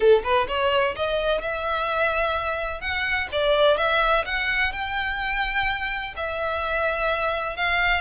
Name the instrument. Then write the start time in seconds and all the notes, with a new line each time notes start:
violin
0.00 A4
0.23 B4
0.47 C#5
0.96 D#5
1.41 E5
2.80 F#5
3.32 D5
3.77 E5
4.25 F#5
4.72 G5
6.16 E5
7.56 F5